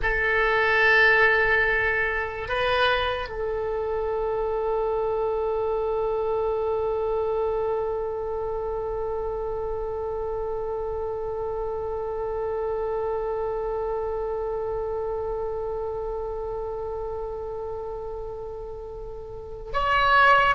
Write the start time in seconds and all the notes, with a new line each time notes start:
0.02 A4
2.48 B4
3.28 A4
19.73 C#5